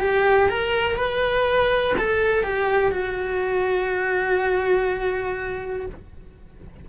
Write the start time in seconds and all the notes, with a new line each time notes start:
0.00 G4
0.49 A#4
0.96 B4
1.98 A4
2.44 G4
2.92 F#4